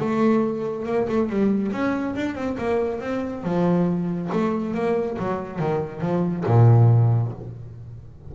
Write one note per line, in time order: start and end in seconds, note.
0.00 0.86 A3
0.86 1.08 A#3
1.09 1.30 A3
1.30 1.72 G3
1.72 2.15 C#4
2.16 2.35 D4
2.35 2.57 C4
2.58 3.01 A#3
3.01 3.44 C4
3.44 4.30 F3
4.33 4.75 A3
4.75 5.18 A#3
5.19 5.59 F#3
5.59 6.02 D#3
6.02 6.45 F3
6.46 7.33 A#2